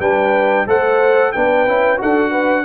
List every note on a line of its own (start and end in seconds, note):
0.00 0.67 G3
0.00 0.67 D4
0.00 0.67 B4
0.00 0.68 G5
0.67 1.34 A3
0.67 1.34 A4
0.67 1.35 C5
0.67 1.32 F#5
1.32 1.67 B3
1.32 1.67 D4
1.32 2.02 B4
1.32 1.99 G5
1.67 2.01 C#4
1.67 1.97 E4
1.97 2.66 D4
1.97 2.64 F#4
1.97 2.32 A4
1.97 2.66 F#5
2.32 2.65 B4